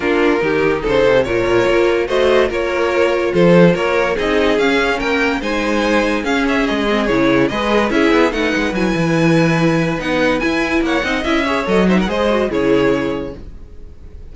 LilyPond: <<
  \new Staff \with { instrumentName = "violin" } { \time 4/4 \tempo 4 = 144 ais'2 c''4 cis''4~ | cis''4 dis''4 cis''2 | c''4 cis''4 dis''4 f''4 | g''4 gis''2 f''8 e''8 |
dis''4 cis''4 dis''4 e''4 | fis''4 gis''2. | fis''4 gis''4 fis''4 e''4 | dis''8 e''16 fis''16 dis''4 cis''2 | }
  \new Staff \with { instrumentName = "violin" } { \time 4/4 f'4 g'4 a'4 ais'4~ | ais'4 c''4 ais'2 | a'4 ais'4 gis'2 | ais'4 c''2 gis'4~ |
gis'2 b'4 gis'4 | b'1~ | b'2 cis''8 dis''4 cis''8~ | cis''8 c''16 ais'16 c''4 gis'2 | }
  \new Staff \with { instrumentName = "viola" } { \time 4/4 d'4 dis'2 f'4~ | f'4 fis'4 f'2~ | f'2 dis'4 cis'4~ | cis'4 dis'2 cis'4~ |
cis'8 c'8 e'4 gis'4 e'4 | dis'4 e'2. | dis'4 e'4. dis'8 e'8 gis'8 | a'8 dis'8 gis'8 fis'8 e'2 | }
  \new Staff \with { instrumentName = "cello" } { \time 4/4 ais4 dis4 cis8 c8 ais,4 | ais4 a4 ais2 | f4 ais4 c'4 cis'4 | ais4 gis2 cis'4 |
gis4 cis4 gis4 cis'8 b8 | a8 gis8 fis8 e2~ e8 | b4 e'4 ais8 c'8 cis'4 | fis4 gis4 cis2 | }
>>